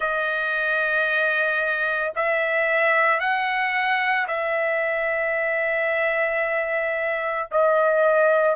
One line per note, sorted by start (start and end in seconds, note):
0.00 2.12 D#5
2.15 3.19 E5
3.19 4.27 F#5
4.27 7.49 E5
7.51 8.55 D#5